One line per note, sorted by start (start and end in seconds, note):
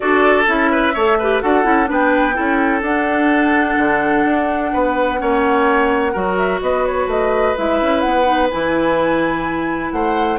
0.00 0.47 D4
0.00 0.44 F#4
0.00 0.71 A4
0.00 0.46 D5
0.46 0.94 C#4
0.46 0.94 E4
0.46 1.40 E5
0.71 0.94 B4
0.94 1.42 A3
0.94 1.19 A4
0.94 1.17 C#5
1.18 1.41 G4
1.18 1.42 B4
1.40 1.64 D4
1.40 1.63 F#4
1.40 1.89 A4
1.40 1.88 F#5
1.63 1.88 C#4
1.63 1.85 E4
1.85 2.37 B3
1.85 2.32 D4
1.85 2.35 B4
1.92 2.82 G5
2.33 2.81 C#4
2.33 2.81 E4
2.33 4.71 A4
2.81 3.76 D4
2.81 5.18 D4
2.81 6.36 F#5
3.77 4.24 D3
4.24 4.72 D4
4.72 5.21 B3
4.72 5.20 B4
5.18 6.15 A#3
5.18 6.12 C#4
5.18 6.12 C#5
6.12 6.61 F#3
6.12 7.55 F#4
6.12 6.59 A#4
6.37 6.60 E5
6.61 7.06 B3
6.61 9.94 B4
6.61 6.85 D#5
6.85 7.09 C#5
7.06 7.54 A3
7.06 7.56 D#5
7.56 7.81 G#3
7.56 8.24 E4
7.56 8.00 E5
7.81 8.05 C#4
8.00 8.52 B3
8.00 8.47 F#5
8.24 8.47 D#4
8.50 9.91 E3
8.50 10.39 E4
8.50 9.91 G#5
9.91 10.39 A3
9.91 10.39 C5
9.91 10.38 F#5